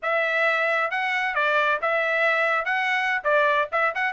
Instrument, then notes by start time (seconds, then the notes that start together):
trumpet
0.02 E5
0.90 F#5
1.34 D5
1.81 E5
2.65 F#5
3.24 D5
3.72 E5
3.94 F#5